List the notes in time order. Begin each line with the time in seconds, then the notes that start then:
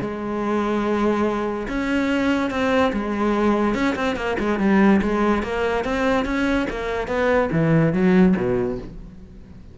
0.00 G#3
1.68 C#4
2.50 C4
2.93 G#3
3.74 C#4
3.95 C4
4.16 A#3
4.39 G#3
4.59 G3
5.01 G#3
5.42 A#3
5.84 C4
6.25 C#4
6.70 A#3
7.07 B3
7.52 E3
7.93 F#3
8.36 B2